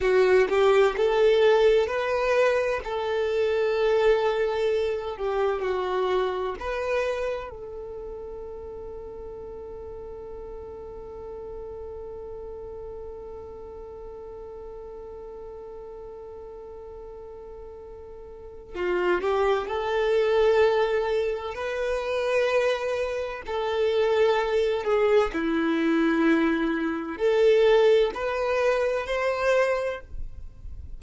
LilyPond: \new Staff \with { instrumentName = "violin" } { \time 4/4 \tempo 4 = 64 fis'8 g'8 a'4 b'4 a'4~ | a'4. g'8 fis'4 b'4 | a'1~ | a'1~ |
a'1 | f'8 g'8 a'2 b'4~ | b'4 a'4. gis'8 e'4~ | e'4 a'4 b'4 c''4 | }